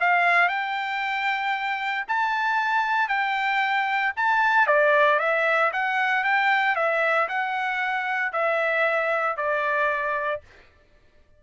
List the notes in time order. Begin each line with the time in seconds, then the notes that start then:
0.00 F5
0.48 G5
2.08 A5
3.08 G5
4.16 A5
4.67 D5
5.19 E5
5.72 F#5
6.24 G5
6.75 E5
7.28 F#5
8.32 E5
9.37 D5